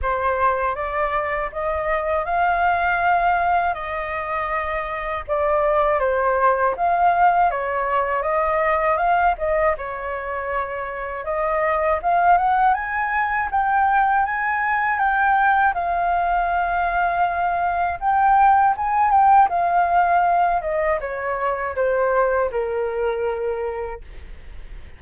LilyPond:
\new Staff \with { instrumentName = "flute" } { \time 4/4 \tempo 4 = 80 c''4 d''4 dis''4 f''4~ | f''4 dis''2 d''4 | c''4 f''4 cis''4 dis''4 | f''8 dis''8 cis''2 dis''4 |
f''8 fis''8 gis''4 g''4 gis''4 | g''4 f''2. | g''4 gis''8 g''8 f''4. dis''8 | cis''4 c''4 ais'2 | }